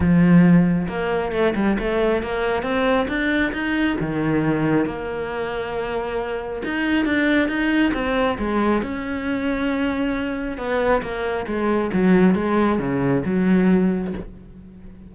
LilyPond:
\new Staff \with { instrumentName = "cello" } { \time 4/4 \tempo 4 = 136 f2 ais4 a8 g8 | a4 ais4 c'4 d'4 | dis'4 dis2 ais4~ | ais2. dis'4 |
d'4 dis'4 c'4 gis4 | cis'1 | b4 ais4 gis4 fis4 | gis4 cis4 fis2 | }